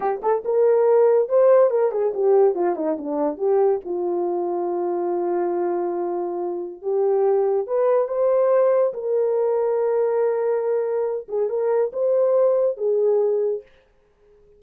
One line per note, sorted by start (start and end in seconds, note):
0.00 0.21 G4
0.22 0.43 A4
0.44 1.28 A#4
1.28 1.70 C5
1.70 1.91 A#4
1.91 2.12 G#4
2.14 2.54 G4
2.54 2.75 F4
2.75 2.97 D#4
2.98 3.37 D4
3.37 3.80 G4
3.85 6.82 F4
6.82 7.67 G4
7.67 8.08 B4
8.08 8.93 C5
8.93 11.27 A#4
11.28 11.49 G#4
11.49 11.91 A#4
11.92 12.77 C5
12.77 13.62 G#4